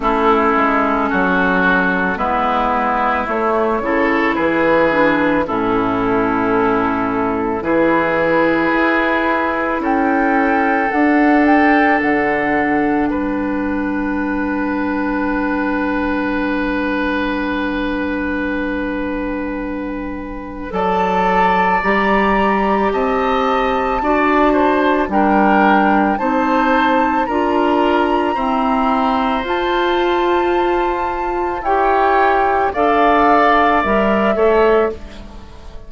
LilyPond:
<<
  \new Staff \with { instrumentName = "flute" } { \time 4/4 \tempo 4 = 55 a'2 b'4 cis''4 | b'4 a'2 b'4~ | b'4 g''4 fis''8 g''8 fis''4 | g''1~ |
g''2. a''4 | ais''4 a''2 g''4 | a''4 ais''2 a''4~ | a''4 g''4 f''4 e''4 | }
  \new Staff \with { instrumentName = "oboe" } { \time 4/4 e'4 fis'4 e'4. a'8 | gis'4 e'2 gis'4~ | gis'4 a'2. | b'1~ |
b'2. d''4~ | d''4 dis''4 d''8 c''8 ais'4 | c''4 ais'4 c''2~ | c''4 cis''4 d''4. cis''8 | }
  \new Staff \with { instrumentName = "clarinet" } { \time 4/4 cis'2 b4 a8 e'8~ | e'8 d'8 cis'2 e'4~ | e'2 d'2~ | d'1~ |
d'2. a'4 | g'2 fis'4 d'4 | dis'4 f'4 c'4 f'4~ | f'4 g'4 a'4 ais'8 a'8 | }
  \new Staff \with { instrumentName = "bassoon" } { \time 4/4 a8 gis8 fis4 gis4 a8 cis8 | e4 a,2 e4 | e'4 cis'4 d'4 d4 | g1~ |
g2. fis4 | g4 c'4 d'4 g4 | c'4 d'4 e'4 f'4~ | f'4 e'4 d'4 g8 a8 | }
>>